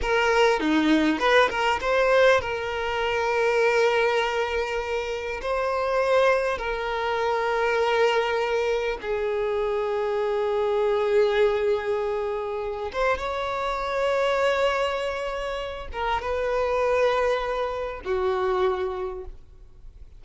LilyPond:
\new Staff \with { instrumentName = "violin" } { \time 4/4 \tempo 4 = 100 ais'4 dis'4 b'8 ais'8 c''4 | ais'1~ | ais'4 c''2 ais'4~ | ais'2. gis'4~ |
gis'1~ | gis'4. c''8 cis''2~ | cis''2~ cis''8 ais'8 b'4~ | b'2 fis'2 | }